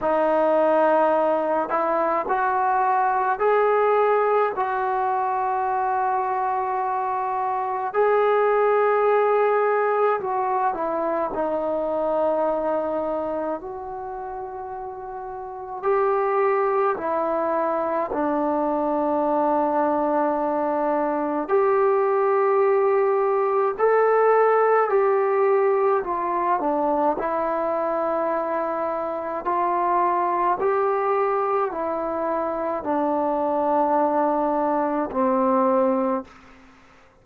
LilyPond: \new Staff \with { instrumentName = "trombone" } { \time 4/4 \tempo 4 = 53 dis'4. e'8 fis'4 gis'4 | fis'2. gis'4~ | gis'4 fis'8 e'8 dis'2 | fis'2 g'4 e'4 |
d'2. g'4~ | g'4 a'4 g'4 f'8 d'8 | e'2 f'4 g'4 | e'4 d'2 c'4 | }